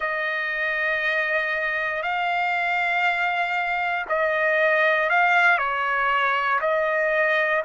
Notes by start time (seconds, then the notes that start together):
0.00 D#5
2.02 F5
4.08 D#5
5.09 F5
5.57 C#5
6.61 D#5